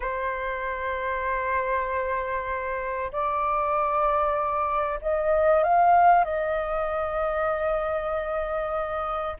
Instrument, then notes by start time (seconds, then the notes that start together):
flute
0.00 C5
3.11 D5
5.01 D#5
5.63 F5
6.24 D#5